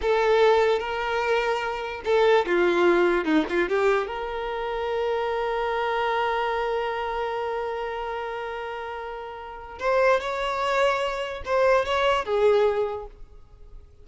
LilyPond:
\new Staff \with { instrumentName = "violin" } { \time 4/4 \tempo 4 = 147 a'2 ais'2~ | ais'4 a'4 f'2 | dis'8 f'8 g'4 ais'2~ | ais'1~ |
ais'1~ | ais'1 | c''4 cis''2. | c''4 cis''4 gis'2 | }